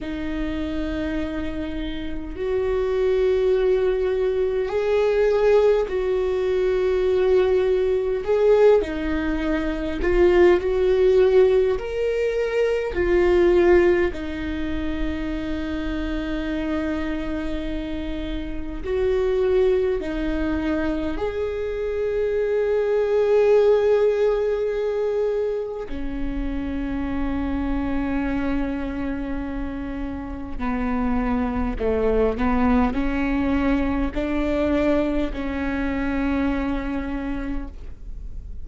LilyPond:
\new Staff \with { instrumentName = "viola" } { \time 4/4 \tempo 4 = 51 dis'2 fis'2 | gis'4 fis'2 gis'8 dis'8~ | dis'8 f'8 fis'4 ais'4 f'4 | dis'1 |
fis'4 dis'4 gis'2~ | gis'2 cis'2~ | cis'2 b4 a8 b8 | cis'4 d'4 cis'2 | }